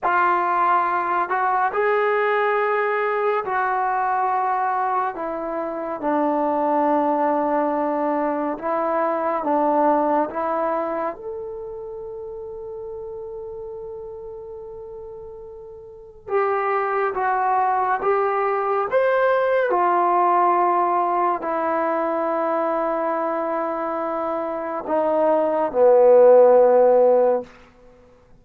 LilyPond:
\new Staff \with { instrumentName = "trombone" } { \time 4/4 \tempo 4 = 70 f'4. fis'8 gis'2 | fis'2 e'4 d'4~ | d'2 e'4 d'4 | e'4 a'2.~ |
a'2. g'4 | fis'4 g'4 c''4 f'4~ | f'4 e'2.~ | e'4 dis'4 b2 | }